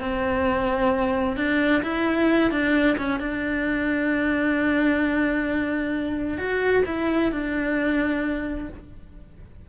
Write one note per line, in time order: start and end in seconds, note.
0.00 1.36 C4
1.36 1.82 D4
1.83 2.51 E4
2.51 2.97 D4
2.98 3.20 C#4
3.20 6.38 D4
6.38 6.83 F#4
6.86 7.32 E4
7.32 8.69 D4